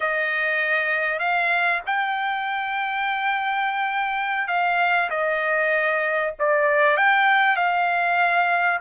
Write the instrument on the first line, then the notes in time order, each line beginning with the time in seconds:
trumpet
0.00 D#5
1.19 F5
1.86 G5
4.47 F5
5.09 D#5
6.39 D5
6.96 G5
7.56 F5